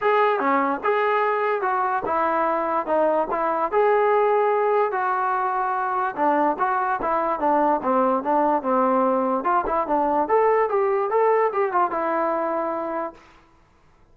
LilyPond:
\new Staff \with { instrumentName = "trombone" } { \time 4/4 \tempo 4 = 146 gis'4 cis'4 gis'2 | fis'4 e'2 dis'4 | e'4 gis'2. | fis'2. d'4 |
fis'4 e'4 d'4 c'4 | d'4 c'2 f'8 e'8 | d'4 a'4 g'4 a'4 | g'8 f'8 e'2. | }